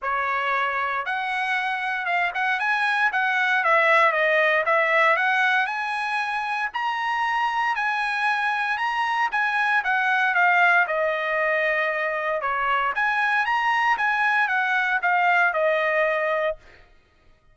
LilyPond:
\new Staff \with { instrumentName = "trumpet" } { \time 4/4 \tempo 4 = 116 cis''2 fis''2 | f''8 fis''8 gis''4 fis''4 e''4 | dis''4 e''4 fis''4 gis''4~ | gis''4 ais''2 gis''4~ |
gis''4 ais''4 gis''4 fis''4 | f''4 dis''2. | cis''4 gis''4 ais''4 gis''4 | fis''4 f''4 dis''2 | }